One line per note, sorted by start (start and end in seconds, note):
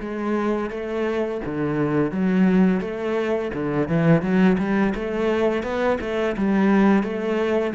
0.00 0.71 G#3
0.71 1.41 A3
1.45 2.12 D3
2.12 2.81 F#3
2.81 3.51 A3
3.54 3.89 D3
3.89 4.22 E3
4.22 4.57 F#3
4.59 4.94 G3
4.95 5.63 A3
5.63 5.98 B3
6.01 6.36 A3
6.37 7.03 G3
7.03 7.74 A3